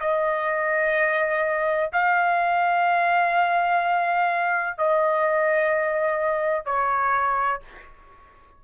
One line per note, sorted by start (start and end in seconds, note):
0.00 1.90 D#5
1.92 4.77 F5
4.77 6.65 D#5
6.65 7.61 C#5